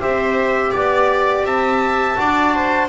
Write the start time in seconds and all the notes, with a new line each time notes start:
0.00 C4 G4 C5 E5
0.71 B3 D5
1.44 C4 E5 A5
2.16 D4 F#4 D5
2.54 C5